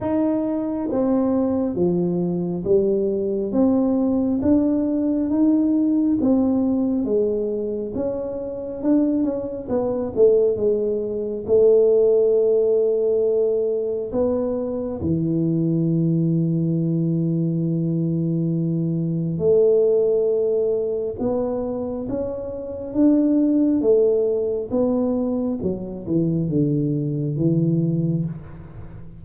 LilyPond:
\new Staff \with { instrumentName = "tuba" } { \time 4/4 \tempo 4 = 68 dis'4 c'4 f4 g4 | c'4 d'4 dis'4 c'4 | gis4 cis'4 d'8 cis'8 b8 a8 | gis4 a2. |
b4 e2.~ | e2 a2 | b4 cis'4 d'4 a4 | b4 fis8 e8 d4 e4 | }